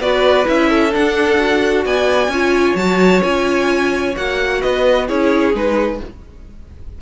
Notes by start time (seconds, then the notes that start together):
0.00 B3 F#4 B4 D5
0.45 C#4 E4 E5
0.70 A4
0.92 D4 F#5
1.39 F#4
1.85 B3 D5 G#5
2.28 C#4 F4 C#5
2.75 F#3 F#4 A5
3.22 C#4 F4 G#5
4.16 A#3 F#4 F#5
4.61 B3 B4 D#5
5.06 C#4 E4 G#4 C#5
5.54 G#3 D#4 B4